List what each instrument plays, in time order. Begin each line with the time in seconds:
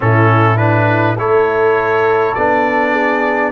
0.00 tuba A2, trombone C#4, horn E4, trumpet A4
0.57 trombone D4, trumpet B4
1.18 tuba A3, trombone E4, horn A4, trumpet C#5
2.34 tuba B3, trombone D4, trumpet D5
2.92 horn G#4